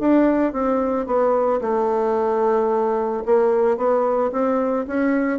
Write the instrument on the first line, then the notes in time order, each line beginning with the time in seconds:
bassoon
0.00 D4
0.53 C4
1.07 B3
1.61 A3
3.26 A#3
3.77 B3
4.32 C4
4.87 C#4